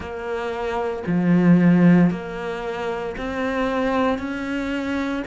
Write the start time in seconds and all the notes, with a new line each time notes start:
0.00 A#3
1.07 F3
2.10 A#3
3.17 C4
4.18 C#4